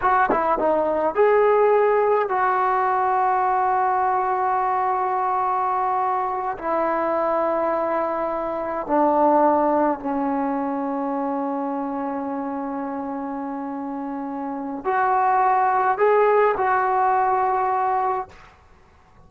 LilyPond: \new Staff \with { instrumentName = "trombone" } { \time 4/4 \tempo 4 = 105 fis'8 e'8 dis'4 gis'2 | fis'1~ | fis'2.~ fis'8 e'8~ | e'2.~ e'8 d'8~ |
d'4. cis'2~ cis'8~ | cis'1~ | cis'2 fis'2 | gis'4 fis'2. | }